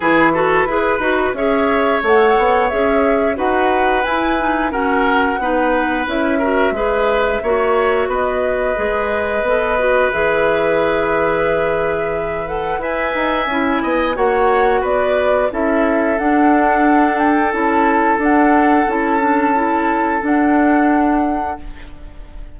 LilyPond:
<<
  \new Staff \with { instrumentName = "flute" } { \time 4/4 \tempo 4 = 89 b'2 e''4 fis''4 | e''4 fis''4 gis''4 fis''4~ | fis''4 e''2. | dis''2. e''4~ |
e''2~ e''8 fis''8 gis''4~ | gis''4 fis''4 d''4 e''4 | fis''4. g''8 a''4 fis''4 | a''2 fis''2 | }
  \new Staff \with { instrumentName = "oboe" } { \time 4/4 gis'8 a'8 b'4 cis''2~ | cis''4 b'2 ais'4 | b'4. ais'8 b'4 cis''4 | b'1~ |
b'2. e''4~ | e''8 dis''8 cis''4 b'4 a'4~ | a'1~ | a'1 | }
  \new Staff \with { instrumentName = "clarinet" } { \time 4/4 e'8 fis'8 gis'8 fis'8 gis'4 a'4 | gis'4 fis'4 e'8 dis'8 cis'4 | dis'4 e'8 fis'8 gis'4 fis'4~ | fis'4 gis'4 a'8 fis'8 gis'4~ |
gis'2~ gis'8 a'8 b'4 | e'4 fis'2 e'4 | d'2 e'4 d'4 | e'8 d'8 e'4 d'2 | }
  \new Staff \with { instrumentName = "bassoon" } { \time 4/4 e4 e'8 dis'8 cis'4 a8 b8 | cis'4 dis'4 e'4 fis'4 | b4 cis'4 gis4 ais4 | b4 gis4 b4 e4~ |
e2. e'8 dis'8 | cis'8 b8 ais4 b4 cis'4 | d'2 cis'4 d'4 | cis'2 d'2 | }
>>